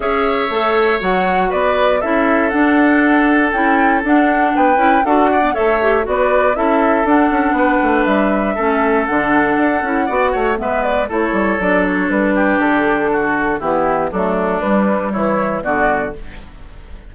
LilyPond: <<
  \new Staff \with { instrumentName = "flute" } { \time 4/4 \tempo 4 = 119 e''2 fis''4 d''4 | e''4 fis''2 g''4 | fis''4 g''4 fis''4 e''4 | d''4 e''4 fis''2 |
e''2 fis''2~ | fis''4 e''8 d''8 cis''4 d''8 cis''8 | b'4 a'2 g'4 | a'4 b'4 cis''4 d''4 | }
  \new Staff \with { instrumentName = "oboe" } { \time 4/4 cis''2. b'4 | a'1~ | a'4 b'4 a'8 d''8 cis''4 | b'4 a'2 b'4~ |
b'4 a'2. | d''8 cis''8 b'4 a'2~ | a'8 g'4. fis'4 e'4 | d'2 e'4 fis'4 | }
  \new Staff \with { instrumentName = "clarinet" } { \time 4/4 gis'4 a'4 fis'2 | e'4 d'2 e'4 | d'4. e'8 fis'8. b16 a'8 g'8 | fis'4 e'4 d'2~ |
d'4 cis'4 d'4. e'8 | fis'4 b4 e'4 d'4~ | d'2. b4 | a4 g2 b4 | }
  \new Staff \with { instrumentName = "bassoon" } { \time 4/4 cis'4 a4 fis4 b4 | cis'4 d'2 cis'4 | d'4 b8 cis'8 d'4 a4 | b4 cis'4 d'8 cis'8 b8 a8 |
g4 a4 d4 d'8 cis'8 | b8 a8 gis4 a8 g8 fis4 | g4 d2 e4 | fis4 g4 e4 d4 | }
>>